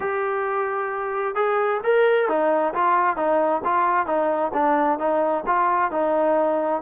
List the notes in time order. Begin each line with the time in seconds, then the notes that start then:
0.00 G4
1.35 G#4
1.83 A#4
2.28 D#4
2.74 F4
3.16 D#4
3.64 F4
4.06 D#4
4.53 D4
4.98 D#4
5.46 F4
5.91 D#4